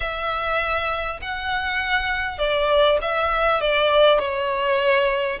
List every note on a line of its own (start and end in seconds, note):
0.00 1.20 E5
1.21 2.38 F#5
2.38 2.98 D5
3.01 3.61 E5
3.61 4.19 D5
4.19 5.39 C#5